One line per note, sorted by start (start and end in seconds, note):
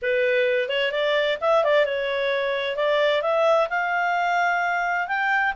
0.01 0.68 B4
0.68 0.91 C#5
0.91 1.37 D5
1.41 1.63 E5
1.63 1.85 D5
1.85 2.76 C#5
2.76 3.22 D5
3.22 3.68 E5
3.69 5.07 F5
5.07 5.53 G5